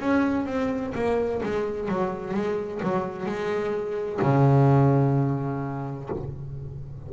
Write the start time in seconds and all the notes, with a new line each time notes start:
0.00 C#4
0.46 C4
0.95 A#3
1.43 G#3
1.89 F#3
2.34 G#3
2.83 F#3
3.26 G#3
4.22 C#3